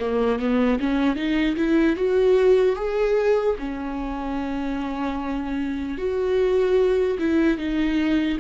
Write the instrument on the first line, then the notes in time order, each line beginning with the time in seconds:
viola
0.00 A#3
0.40 B3
0.80 C#4
1.16 D#4
1.57 E4
1.97 F#4
2.76 G#4
3.59 C#4
5.98 F#4
7.19 E4
7.58 D#4